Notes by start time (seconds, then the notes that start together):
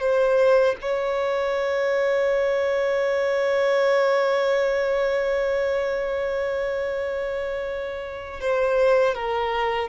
0.00 C5
0.81 C#5
8.40 C5
9.14 A#4